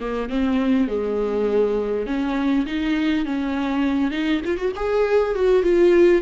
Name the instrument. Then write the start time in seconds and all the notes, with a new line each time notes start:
viola
0.00 A#3
0.29 C4
0.87 G#3
2.06 C#4
2.66 D#4
3.25 C#4
4.11 D#4
4.45 F4
4.57 F#4
4.76 G#4
5.35 F#4
5.63 F4